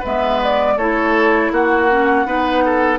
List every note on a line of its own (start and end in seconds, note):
0.00 0.77 G#3
0.00 0.77 B3
0.00 0.74 B4
0.00 0.42 E5
0.44 0.78 D5
0.77 1.51 A3
0.77 1.90 E4
0.77 1.52 A4
0.77 1.52 C#5
1.52 2.26 A#3
1.52 2.27 F#4
1.52 3.00 F#5
1.90 2.26 C#4
2.26 3.00 B3
2.26 3.00 D#4
2.26 2.65 B4
2.65 3.00 A4